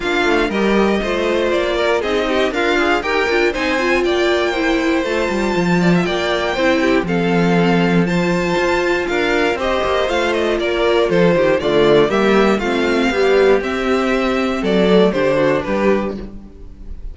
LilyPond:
<<
  \new Staff \with { instrumentName = "violin" } { \time 4/4 \tempo 4 = 119 f''4 dis''2 d''4 | dis''4 f''4 g''4 gis''4 | g''2 a''2 | g''2 f''2 |
a''2 f''4 dis''4 | f''8 dis''8 d''4 c''4 d''4 | e''4 f''2 e''4~ | e''4 d''4 c''4 b'4 | }
  \new Staff \with { instrumentName = "violin" } { \time 4/4 f'4 ais'4 c''4. ais'8 | gis'8 g'8 f'4 ais'4 c''4 | d''4 c''2~ c''8 d''16 e''16 | d''4 c''8 g'8 a'2 |
c''2 ais'4 c''4~ | c''4 ais'4 a'8 g'8 f'4 | g'4 f'4 g'2~ | g'4 a'4 g'8 fis'8 g'4 | }
  \new Staff \with { instrumentName = "viola" } { \time 4/4 d'4 g'4 f'2 | dis'4 ais'8 gis'8 g'8 f'8 dis'8 f'8~ | f'4 e'4 f'2~ | f'4 e'4 c'2 |
f'2. g'4 | f'2. a4 | ais4 c'4 g4 c'4~ | c'4. a8 d'2 | }
  \new Staff \with { instrumentName = "cello" } { \time 4/4 ais8 a8 g4 a4 ais4 | c'4 d'4 dis'8 d'8 c'4 | ais2 a8 g8 f4 | ais4 c'4 f2~ |
f4 f'4 d'4 c'8 ais8 | a4 ais4 f8 dis8 d4 | g4 a4 b4 c'4~ | c'4 fis4 d4 g4 | }
>>